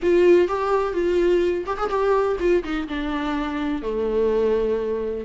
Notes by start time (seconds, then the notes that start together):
0.02 F4
0.48 G4
0.93 F4
1.66 G4
1.77 G#4
1.89 G4
2.39 F4
2.63 D#4
2.88 D4
3.82 A3